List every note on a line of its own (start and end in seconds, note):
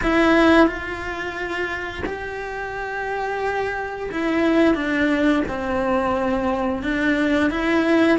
0.02 0.67 E4
0.67 2.03 F4
2.05 4.10 G4
4.11 4.74 E4
4.74 5.43 D4
5.48 6.82 C4
6.82 7.50 D4
7.50 8.18 E4